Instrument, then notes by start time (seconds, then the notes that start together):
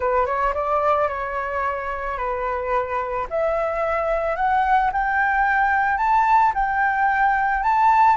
flute
0.00 B4
0.26 C#5
0.54 D5
1.08 C#5
2.17 B4
3.30 E5
4.36 F#5
4.92 G5
5.97 A5
6.54 G5
7.63 A5